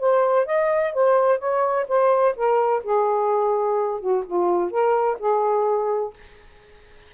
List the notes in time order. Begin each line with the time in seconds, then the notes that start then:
0.00 C5
0.47 D#5
0.94 C5
1.39 C#5
1.89 C5
2.36 A#4
2.84 G#4
4.01 F#4
4.26 F4
4.71 A#4
5.19 G#4